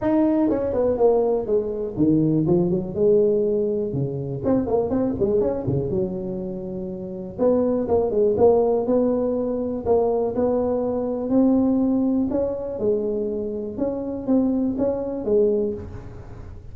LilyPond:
\new Staff \with { instrumentName = "tuba" } { \time 4/4 \tempo 4 = 122 dis'4 cis'8 b8 ais4 gis4 | dis4 f8 fis8 gis2 | cis4 c'8 ais8 c'8 gis8 cis'8 cis8 | fis2. b4 |
ais8 gis8 ais4 b2 | ais4 b2 c'4~ | c'4 cis'4 gis2 | cis'4 c'4 cis'4 gis4 | }